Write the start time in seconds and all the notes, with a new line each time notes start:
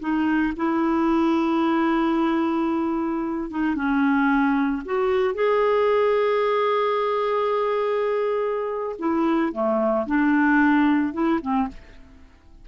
0.00 D#4
0.56 E4
3.50 D#4
3.75 C#4
4.85 F#4
5.34 G#4
8.99 E4
9.52 A3
10.06 D4
11.13 E4
11.41 C4